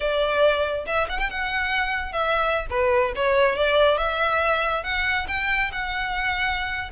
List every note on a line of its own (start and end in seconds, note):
0.00 0.85 D5
0.86 1.08 E5
1.09 1.19 F#5
1.19 1.29 G5
1.30 2.12 F#5
2.12 2.66 E5
2.70 3.13 B4
3.15 3.55 C#5
3.55 3.97 D5
3.97 4.83 E5
4.83 5.26 F#5
5.28 5.71 G5
5.71 6.90 F#5